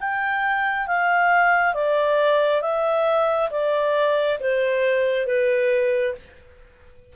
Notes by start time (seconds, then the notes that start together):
0.00 G5
0.87 F5
1.74 D5
2.61 E5
3.51 D5
4.40 C5
5.27 B4